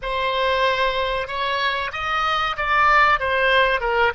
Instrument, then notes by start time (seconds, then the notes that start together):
oboe
0.02 C5
1.27 C#5
1.92 D#5
2.56 D5
3.19 C5
3.80 A#4